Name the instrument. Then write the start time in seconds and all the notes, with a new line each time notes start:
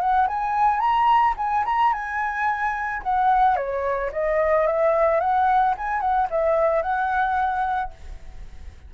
flute
0.00 F#5
0.28 G#5
0.80 A#5
1.37 G#5
1.66 A#5
1.93 G#5
3.03 F#5
3.57 C#5
4.13 D#5
4.67 E5
5.20 F#5
5.78 G#5
6.01 F#5
6.31 E5
6.82 F#5